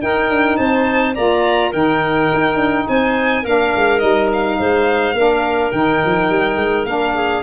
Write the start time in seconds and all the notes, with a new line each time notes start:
0.00 D#4 A#4 G5
0.30 D4
0.57 C4 C5 A5
1.15 A#3 F4 D5 A#5
1.71 D#3 D#4 A#4 G5
2.34 D#4
2.56 D4
2.89 C4 C5 G#5
3.43 A#3 D4 A#4 F5
3.76 G#3
4.00 G3 D#4 D#5
4.33 F5
4.59 G#3 C5
5.14 A#3 D4 A#4
5.72 D#3 D#4 G5
6.05 F3
6.30 G3
6.56 G#3
6.85 A#3 D4 F5
7.15 G#4